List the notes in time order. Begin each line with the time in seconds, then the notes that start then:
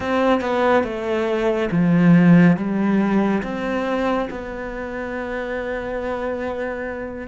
0.00 C4
0.41 B3
0.83 A3
1.71 F3
2.56 G3
3.42 C4
4.30 B3